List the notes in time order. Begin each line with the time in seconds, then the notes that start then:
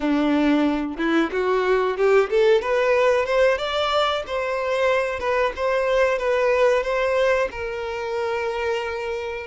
0.00 D4
0.97 E4
1.32 F#4
1.97 G4
2.30 A4
2.61 B4
3.25 C5
3.58 D5
4.26 C5
5.19 B4
5.56 C5
6.18 B4
6.83 C5
7.51 A#4